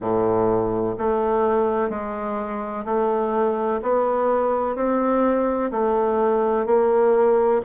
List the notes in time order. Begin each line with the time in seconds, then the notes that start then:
0.00 A2
0.98 A3
1.89 G#3
2.85 A3
3.82 B3
4.75 C4
5.71 A3
6.65 A#3